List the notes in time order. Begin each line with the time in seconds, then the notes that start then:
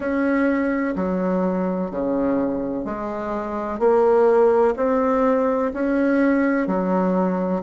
0.00 C#4
0.95 F#3
1.90 C#3
2.84 G#3
3.79 A#3
4.76 C4
5.73 C#4
6.67 F#3